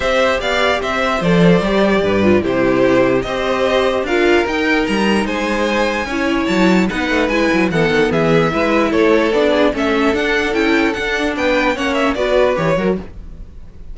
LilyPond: <<
  \new Staff \with { instrumentName = "violin" } { \time 4/4 \tempo 4 = 148 e''4 f''4 e''4 d''4~ | d''2 c''2 | dis''2 f''4 g''4 | ais''4 gis''2. |
a''4 fis''4 gis''4 fis''4 | e''2 cis''4 d''4 | e''4 fis''4 g''4 fis''4 | g''4 fis''8 e''8 d''4 cis''4 | }
  \new Staff \with { instrumentName = "violin" } { \time 4/4 c''4 d''4 c''2~ | c''4 b'4 g'2 | c''2 ais'2~ | ais'4 c''2 cis''4~ |
cis''4 b'2 a'4 | gis'4 b'4 a'4. gis'8 | a'1 | b'4 cis''4 b'4. ais'8 | }
  \new Staff \with { instrumentName = "viola" } { \time 4/4 g'2. a'4 | g'4. f'8 e'2 | g'2 f'4 dis'4~ | dis'2. e'4~ |
e'4 dis'4 e'4 b4~ | b4 e'2 d'4 | cis'4 d'4 e'4 d'4~ | d'4 cis'4 fis'4 g'8 fis'8 | }
  \new Staff \with { instrumentName = "cello" } { \time 4/4 c'4 b4 c'4 f4 | g4 g,4 c2 | c'2 d'4 dis'4 | g4 gis2 cis'4 |
fis4 b8 a8 gis8 fis8 e8 dis8 | e4 gis4 a4 b4 | a4 d'4 cis'4 d'4 | b4 ais4 b4 e8 fis8 | }
>>